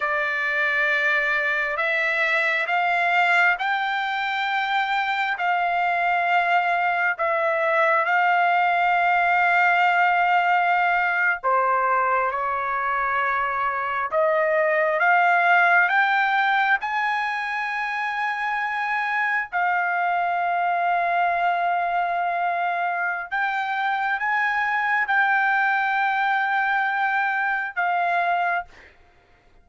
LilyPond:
\new Staff \with { instrumentName = "trumpet" } { \time 4/4 \tempo 4 = 67 d''2 e''4 f''4 | g''2 f''2 | e''4 f''2.~ | f''8. c''4 cis''2 dis''16~ |
dis''8. f''4 g''4 gis''4~ gis''16~ | gis''4.~ gis''16 f''2~ f''16~ | f''2 g''4 gis''4 | g''2. f''4 | }